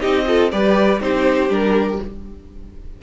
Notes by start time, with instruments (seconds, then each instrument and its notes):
0.00 cello C4, viola D#4, violin G4 D#5
0.26 viola F4, violin A4
0.51 cello G3, viola G4, violin B4 D5
1.00 cello C4, viola D#4, violin G4 C5
1.49 cello G3, viola D4, violin A#4